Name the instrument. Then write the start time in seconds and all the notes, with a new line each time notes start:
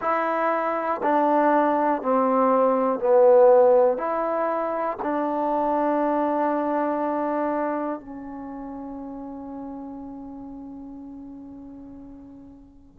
trombone
0.00 E4
1.03 D4
2.02 C4
3.00 B3
3.97 E4
5.02 D4
8.00 C#4